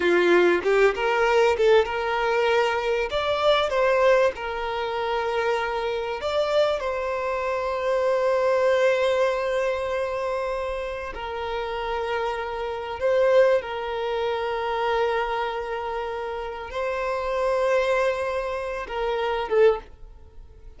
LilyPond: \new Staff \with { instrumentName = "violin" } { \time 4/4 \tempo 4 = 97 f'4 g'8 ais'4 a'8 ais'4~ | ais'4 d''4 c''4 ais'4~ | ais'2 d''4 c''4~ | c''1~ |
c''2 ais'2~ | ais'4 c''4 ais'2~ | ais'2. c''4~ | c''2~ c''8 ais'4 a'8 | }